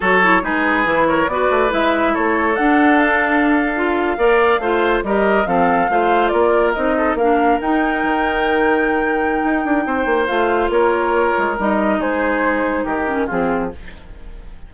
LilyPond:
<<
  \new Staff \with { instrumentName = "flute" } { \time 4/4 \tempo 4 = 140 cis''4 b'4. cis''8 d''4 | e''4 cis''4 fis''4 f''4~ | f''2.~ f''8. dis''16~ | dis''8. f''2 d''4 dis''16~ |
dis''8. f''4 g''2~ g''16~ | g''1 | f''4 cis''2 dis''4 | c''2 ais'4 gis'4 | }
  \new Staff \with { instrumentName = "oboe" } { \time 4/4 a'4 gis'4. ais'8 b'4~ | b'4 a'2.~ | a'4.~ a'16 d''4 c''4 ais'16~ | ais'8. a'4 c''4 ais'4~ ais'16~ |
ais'16 a'8 ais'2.~ ais'16~ | ais'2. c''4~ | c''4 ais'2. | gis'2 g'4 f'4 | }
  \new Staff \with { instrumentName = "clarinet" } { \time 4/4 fis'8 e'8 dis'4 e'4 fis'4 | e'2 d'2~ | d'8. f'4 ais'4 f'4 g'16~ | g'8. c'4 f'2 dis'16~ |
dis'8. d'4 dis'2~ dis'16~ | dis'1 | f'2. dis'4~ | dis'2~ dis'8 cis'8 c'4 | }
  \new Staff \with { instrumentName = "bassoon" } { \time 4/4 fis4 gis4 e4 b8 a8 | gis4 a4 d'2~ | d'4.~ d'16 ais4 a4 g16~ | g8. f4 a4 ais4 c'16~ |
c'8. ais4 dis'4 dis4~ dis16~ | dis2 dis'8 d'8 c'8 ais8 | a4 ais4. gis8 g4 | gis2 dis4 f4 | }
>>